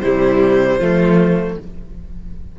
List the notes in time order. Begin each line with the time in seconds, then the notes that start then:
0.00 C3 G3 E4 C5
0.78 F3 A3 F4